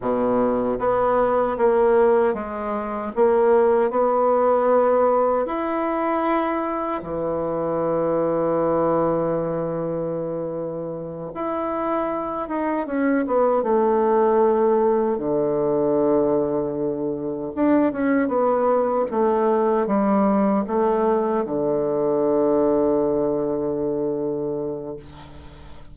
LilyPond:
\new Staff \with { instrumentName = "bassoon" } { \time 4/4 \tempo 4 = 77 b,4 b4 ais4 gis4 | ais4 b2 e'4~ | e'4 e2.~ | e2~ e8 e'4. |
dis'8 cis'8 b8 a2 d8~ | d2~ d8 d'8 cis'8 b8~ | b8 a4 g4 a4 d8~ | d1 | }